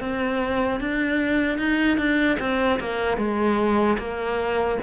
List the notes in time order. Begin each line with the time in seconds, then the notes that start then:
0.00 C4
0.80 D4
1.58 D#4
1.97 D4
2.39 C4
2.80 A#3
3.17 G#3
3.98 A#3